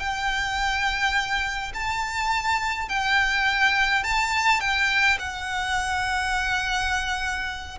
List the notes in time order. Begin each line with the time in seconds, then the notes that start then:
0.00 G5
1.75 A5
2.89 G5
4.04 A5
4.61 G5
5.19 F#5